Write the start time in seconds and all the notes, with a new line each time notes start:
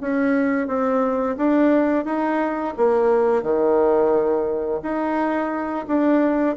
0.00 C#4
0.67 C4
1.37 D4
2.05 D#4
2.76 A#3
3.42 D#3
4.82 D#4
5.87 D4